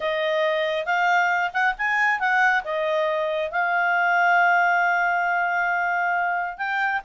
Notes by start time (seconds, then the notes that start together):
0.00 D#5
0.85 F5
1.53 F#5
1.77 G#5
2.19 F#5
2.64 D#5
3.51 F5
6.57 G5